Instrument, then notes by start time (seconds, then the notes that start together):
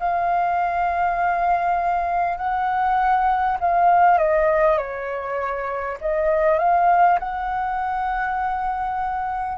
flute
0.00 F5
2.38 F#5
3.61 F5
4.18 D#5
4.78 C#5
6.02 D#5
6.59 F5
7.20 F#5